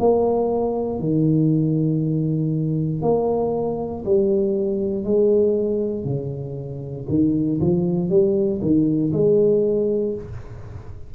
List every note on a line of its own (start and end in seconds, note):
0.00 1.00 A#3
1.00 3.02 D#3
3.02 4.04 A#3
4.05 5.05 G3
5.05 6.05 G#3
6.05 7.07 C#3
7.10 7.60 D#3
7.61 8.10 F3
8.10 8.61 G3
8.62 9.12 D#3
9.13 10.15 G#3